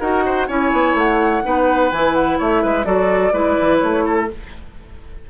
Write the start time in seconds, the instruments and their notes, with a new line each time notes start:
0.00 bassoon D#4, clarinet F#4, oboe A#4, flute F#5
0.26 oboe C5
0.48 bassoon C#4, clarinet E4, oboe C#5, flute G#5
0.72 bassoon B3
0.94 bassoon A3, flute F#5
1.43 bassoon B3, clarinet D#4, oboe B4
1.91 bassoon E3, clarinet E4, flute G#5
2.15 flute F#5
2.38 bassoon A3, oboe C#5, flute E5
2.63 bassoon G#3, oboe B4
2.84 bassoon F#3, clarinet F#4, oboe A4, flute D5
3.33 bassoon G#3, clarinet E4, oboe B4
3.61 bassoon E3
3.78 bassoon A3, flute C#5
4.05 oboe A4